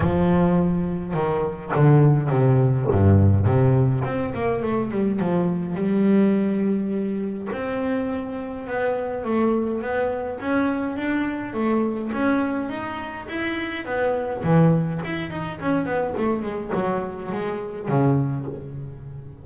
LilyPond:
\new Staff \with { instrumentName = "double bass" } { \time 4/4 \tempo 4 = 104 f2 dis4 d4 | c4 g,4 c4 c'8 ais8 | a8 g8 f4 g2~ | g4 c'2 b4 |
a4 b4 cis'4 d'4 | a4 cis'4 dis'4 e'4 | b4 e4 e'8 dis'8 cis'8 b8 | a8 gis8 fis4 gis4 cis4 | }